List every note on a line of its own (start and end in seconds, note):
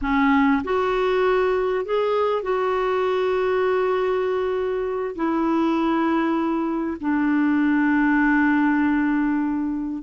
0.01 0.62 C#4
0.64 1.85 F#4
1.85 2.42 G#4
2.42 5.15 F#4
5.15 6.97 E4
7.00 10.02 D4